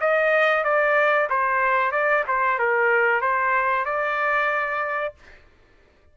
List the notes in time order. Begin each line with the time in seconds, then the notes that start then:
0.00 D#5
0.64 D5
1.29 C5
1.91 D5
2.28 C5
2.59 A#4
3.21 C5
3.85 D5